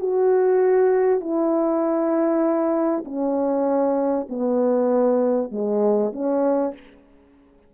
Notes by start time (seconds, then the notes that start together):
0.00 F#4
1.21 E4
3.05 C#4
4.29 B3
5.51 G#3
6.13 C#4